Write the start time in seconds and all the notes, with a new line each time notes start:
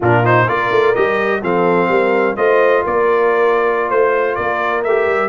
0.00 A#2 D4 F4 A#4
0.24 D#4 C5
0.47 A#3 F4 A#4 D5
0.71 A3
0.94 G3 G4 D#5
1.42 F3 C4 A4 F5
1.88 G3 A#4
2.36 A3 F4 C5 D#5
2.83 A#3 A#4 D5
3.89 A3 C5
4.35 A#3 A#4 D5
4.83 A3 G4 E5
5.06 G3